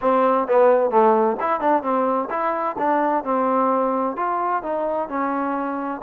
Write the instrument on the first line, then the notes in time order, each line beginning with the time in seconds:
trombone
0.01 C4
0.47 B3
0.90 A3
1.40 E4
1.60 D4
1.82 C4
2.30 E4
2.78 D4
3.24 C4
4.16 F4
4.63 D#4
5.09 C#4